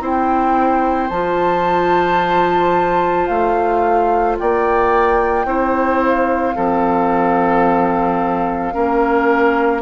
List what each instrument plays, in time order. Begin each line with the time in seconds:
0.00 bassoon C4, clarinet E4, oboe C5, flute G5
1.09 bassoon F3, clarinet F4, flute A5
3.27 bassoon A3, flute F5
4.38 bassoon A#3, oboe D5, flute G5
5.45 bassoon C4, clarinet E4, oboe C5
6.02 flute F5
6.55 bassoon F3, clarinet C4, oboe A4
8.73 bassoon A#3, clarinet C#4, oboe A#4